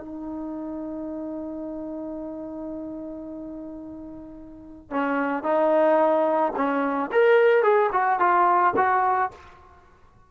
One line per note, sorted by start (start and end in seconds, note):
0.00 4.91 D#4
4.91 5.44 C#4
5.44 6.53 D#4
6.56 7.11 C#4
7.13 7.63 A#4
7.63 7.91 G#4
7.93 8.20 F#4
8.20 8.74 F4
8.77 9.31 F#4